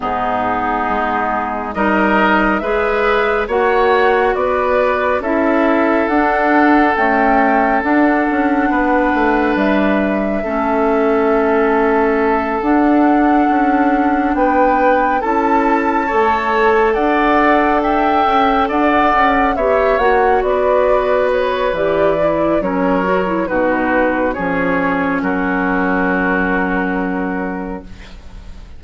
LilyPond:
<<
  \new Staff \with { instrumentName = "flute" } { \time 4/4 \tempo 4 = 69 gis'2 dis''4 e''4 | fis''4 d''4 e''4 fis''4 | g''4 fis''2 e''4~ | e''2~ e''8 fis''4.~ |
fis''8 g''4 a''2 fis''8~ | fis''8 g''4 fis''4 e''8 fis''8 d''8~ | d''8 cis''8 d''4 cis''4 b'4 | cis''4 ais'2. | }
  \new Staff \with { instrumentName = "oboe" } { \time 4/4 dis'2 ais'4 b'4 | cis''4 b'4 a'2~ | a'2 b'2 | a'1~ |
a'8 b'4 a'4 cis''4 d''8~ | d''8 e''4 d''4 cis''4 b'8~ | b'2 ais'4 fis'4 | gis'4 fis'2. | }
  \new Staff \with { instrumentName = "clarinet" } { \time 4/4 b2 dis'4 gis'4 | fis'2 e'4 d'4 | a4 d'2. | cis'2~ cis'8 d'4.~ |
d'4. e'4 a'4.~ | a'2~ a'8 g'8 fis'4~ | fis'4 g'8 e'8 cis'8 fis'16 e'16 dis'4 | cis'1 | }
  \new Staff \with { instrumentName = "bassoon" } { \time 4/4 gis,4 gis4 g4 gis4 | ais4 b4 cis'4 d'4 | cis'4 d'8 cis'8 b8 a8 g4 | a2~ a8 d'4 cis'8~ |
cis'8 b4 cis'4 a4 d'8~ | d'4 cis'8 d'8 cis'8 b8 ais8 b8~ | b4 e4 fis4 b,4 | f4 fis2. | }
>>